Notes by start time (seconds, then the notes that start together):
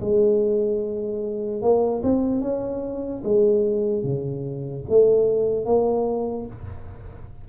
0.00 G#3
1.61 A#3
2.02 C4
2.41 C#4
3.23 G#3
4.03 C#3
4.88 A3
5.65 A#3